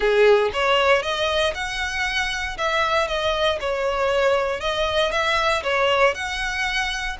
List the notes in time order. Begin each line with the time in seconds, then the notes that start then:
0.00 G#4
0.53 C#5
1.02 D#5
1.54 F#5
2.57 E5
3.07 D#5
3.60 C#5
4.60 D#5
5.11 E5
5.63 C#5
6.14 F#5